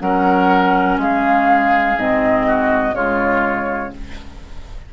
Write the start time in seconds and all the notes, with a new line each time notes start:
0.00 F#3 C#4 A#4 F#5
0.98 G#3 G#4 F5
1.97 G#2 C4 D#5
2.47 F#4
2.93 C#3 G#3 F4 C#5